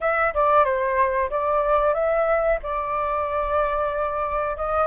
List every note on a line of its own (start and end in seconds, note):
0.01 0.33 E5
0.33 0.64 D5
0.64 1.29 C5
1.30 1.94 D5
1.94 2.59 E5
2.62 4.57 D5
4.57 4.86 D#5